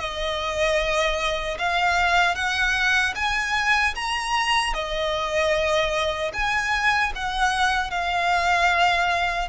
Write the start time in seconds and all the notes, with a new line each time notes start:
0.00 D#5
1.59 F5
2.36 F#5
3.16 G#5
3.95 A#5
4.74 D#5
6.34 G#5
7.16 F#5
7.91 F5